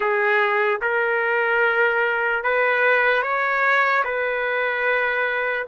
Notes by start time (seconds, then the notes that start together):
0.00 G#4
0.81 A#4
2.43 B4
3.22 C#5
4.04 B4